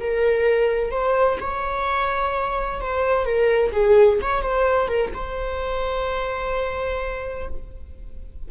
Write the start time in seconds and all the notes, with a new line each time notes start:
0.00 A#4
0.91 C5
1.40 C#5
2.81 C5
3.25 A#4
3.72 G#4
4.22 C#5
4.42 C5
4.88 A#4
5.14 C5